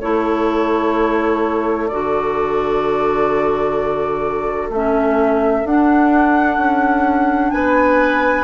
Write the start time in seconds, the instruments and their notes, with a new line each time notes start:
0.00 bassoon A3, clarinet E4, oboe A4, flute C#5
1.88 bassoon D3, clarinet F#4, flute D5
4.70 bassoon A3, clarinet C#4, flute E5
5.64 bassoon D4, clarinet D4, flute F#5
6.58 bassoon C#4
7.51 bassoon B3, oboe B4, flute G#5